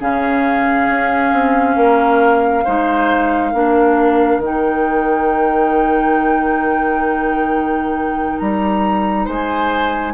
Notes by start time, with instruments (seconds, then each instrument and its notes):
0.00 bassoon C#3, clarinet C#4, oboe G#4, flute F5
0.88 bassoon C#4
1.33 bassoon C4
1.76 bassoon A#3, oboe A#4
2.64 bassoon G#3, clarinet D#4, oboe C5
3.52 bassoon A#3, clarinet D4, oboe A#4
4.38 bassoon D#3, clarinet D#4
4.45 flute G5
8.38 bassoon G3, flute A#5
9.25 bassoon G#3, oboe C5, flute G#5